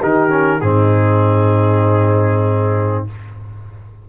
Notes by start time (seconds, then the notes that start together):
0.00 D#3 D#4 G4 A#4
0.29 C#4
0.61 G#2 C4 D#4 G#4